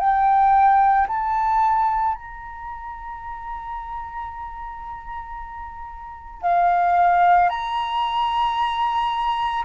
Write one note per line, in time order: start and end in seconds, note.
0.00 1.07 G5
1.08 2.14 A5
2.14 6.42 A#5
6.42 7.50 F5
7.50 9.64 A#5